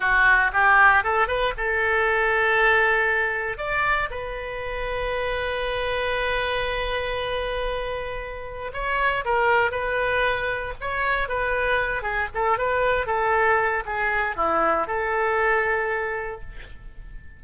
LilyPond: \new Staff \with { instrumentName = "oboe" } { \time 4/4 \tempo 4 = 117 fis'4 g'4 a'8 b'8 a'4~ | a'2. d''4 | b'1~ | b'1~ |
b'4 cis''4 ais'4 b'4~ | b'4 cis''4 b'4. gis'8 | a'8 b'4 a'4. gis'4 | e'4 a'2. | }